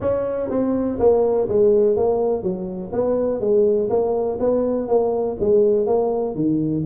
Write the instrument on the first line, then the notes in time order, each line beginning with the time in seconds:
tuba
0.00 C#4
0.49 C4
0.99 A#3
1.48 G#3
1.96 A#3
2.43 F#3
2.92 B3
3.40 G#3
3.89 A#3
4.39 B3
4.88 A#3
5.39 G#3
5.86 A#3
6.35 D#3